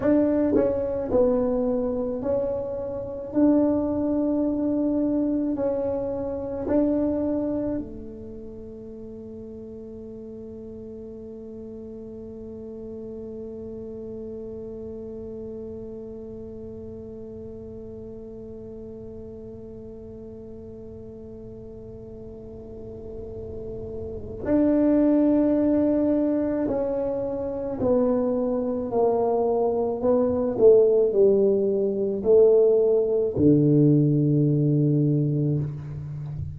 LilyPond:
\new Staff \with { instrumentName = "tuba" } { \time 4/4 \tempo 4 = 54 d'8 cis'8 b4 cis'4 d'4~ | d'4 cis'4 d'4 a4~ | a1~ | a1~ |
a1~ | a2 d'2 | cis'4 b4 ais4 b8 a8 | g4 a4 d2 | }